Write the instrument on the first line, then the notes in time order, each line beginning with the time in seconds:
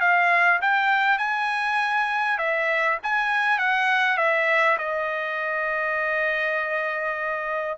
trumpet
0.00 F5
0.61 G5
1.18 G#5
2.38 E5
3.03 G#5
3.58 F#5
4.17 E5
4.78 D#5